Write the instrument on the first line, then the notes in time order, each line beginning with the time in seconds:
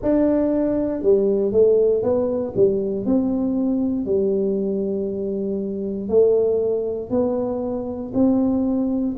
tuba
0.02 D4
1.02 G3
1.52 A3
2.02 B3
2.56 G3
3.05 C4
4.05 G3
6.08 A3
7.10 B3
8.14 C4